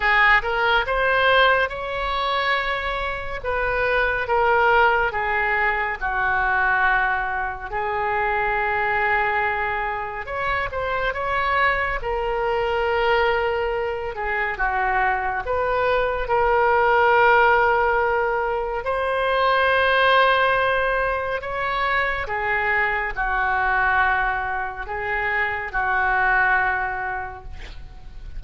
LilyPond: \new Staff \with { instrumentName = "oboe" } { \time 4/4 \tempo 4 = 70 gis'8 ais'8 c''4 cis''2 | b'4 ais'4 gis'4 fis'4~ | fis'4 gis'2. | cis''8 c''8 cis''4 ais'2~ |
ais'8 gis'8 fis'4 b'4 ais'4~ | ais'2 c''2~ | c''4 cis''4 gis'4 fis'4~ | fis'4 gis'4 fis'2 | }